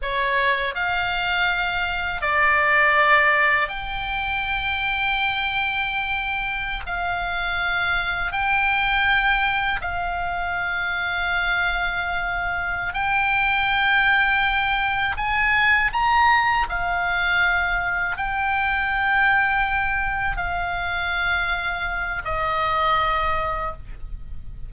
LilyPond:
\new Staff \with { instrumentName = "oboe" } { \time 4/4 \tempo 4 = 81 cis''4 f''2 d''4~ | d''4 g''2.~ | g''4~ g''16 f''2 g''8.~ | g''4~ g''16 f''2~ f''8.~ |
f''4. g''2~ g''8~ | g''8 gis''4 ais''4 f''4.~ | f''8 g''2. f''8~ | f''2 dis''2 | }